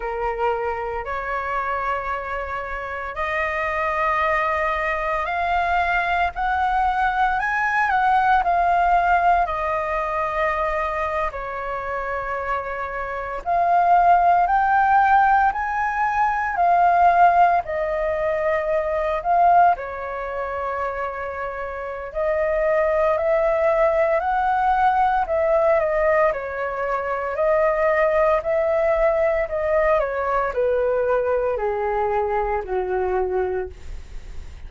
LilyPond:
\new Staff \with { instrumentName = "flute" } { \time 4/4 \tempo 4 = 57 ais'4 cis''2 dis''4~ | dis''4 f''4 fis''4 gis''8 fis''8 | f''4 dis''4.~ dis''16 cis''4~ cis''16~ | cis''8. f''4 g''4 gis''4 f''16~ |
f''8. dis''4. f''8 cis''4~ cis''16~ | cis''4 dis''4 e''4 fis''4 | e''8 dis''8 cis''4 dis''4 e''4 | dis''8 cis''8 b'4 gis'4 fis'4 | }